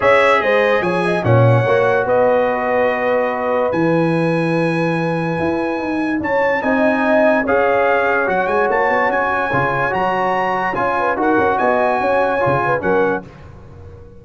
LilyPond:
<<
  \new Staff \with { instrumentName = "trumpet" } { \time 4/4 \tempo 4 = 145 e''4 dis''4 gis''4 fis''4~ | fis''4 dis''2.~ | dis''4 gis''2.~ | gis''2. a''4 |
gis''2 f''2 | fis''8 gis''8 a''4 gis''2 | ais''2 gis''4 fis''4 | gis''2. fis''4 | }
  \new Staff \with { instrumentName = "horn" } { \time 4/4 cis''4 c''4 cis''8 dis''8 cis''4~ | cis''4 b'2.~ | b'1~ | b'2. cis''4 |
dis''2 cis''2~ | cis''1~ | cis''2~ cis''8 b'8 ais'4 | dis''4 cis''4. b'8 ais'4 | }
  \new Staff \with { instrumentName = "trombone" } { \time 4/4 gis'2. cis'4 | fis'1~ | fis'4 e'2.~ | e'1 |
dis'2 gis'2 | fis'2. f'4 | fis'2 f'4 fis'4~ | fis'2 f'4 cis'4 | }
  \new Staff \with { instrumentName = "tuba" } { \time 4/4 cis'4 gis4 f4 ais,4 | ais4 b2.~ | b4 e2.~ | e4 e'4 dis'4 cis'4 |
c'2 cis'2 | fis8 gis8 ais8 b8 cis'4 cis4 | fis2 cis'4 dis'8 cis'8 | b4 cis'4 cis4 fis4 | }
>>